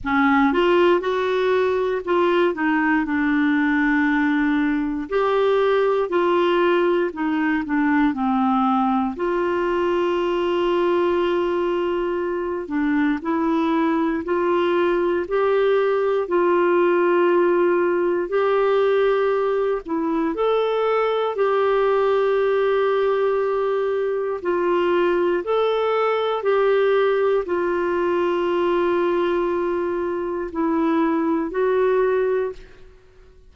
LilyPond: \new Staff \with { instrumentName = "clarinet" } { \time 4/4 \tempo 4 = 59 cis'8 f'8 fis'4 f'8 dis'8 d'4~ | d'4 g'4 f'4 dis'8 d'8 | c'4 f'2.~ | f'8 d'8 e'4 f'4 g'4 |
f'2 g'4. e'8 | a'4 g'2. | f'4 a'4 g'4 f'4~ | f'2 e'4 fis'4 | }